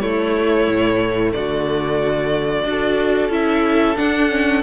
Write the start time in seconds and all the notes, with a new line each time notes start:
0.00 A3 E4 C#5
0.68 A2
1.33 D3 F#4 D5
2.64 D4 F#4 A4
3.29 C#4 E4 E5
3.96 D4 F#5
4.29 C#4